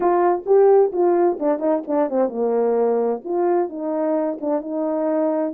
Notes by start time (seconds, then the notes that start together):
0.00 F4
0.46 G4
0.92 F4
1.39 D4
1.59 D#4
1.87 D4
2.09 C4
2.28 A#3
3.24 F4
3.69 D#4
4.40 D4
4.61 D#4